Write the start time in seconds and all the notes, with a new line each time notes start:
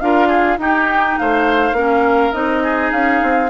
0.00 D4 F4 A#4 F5
0.28 G#4
0.58 D#4 G4 G5
1.18 A3 C5 F5
1.72 A#3 C#4 A#4
2.32 C4 D#4 D#5
2.63 G#4
2.91 C#4 F5
3.22 C4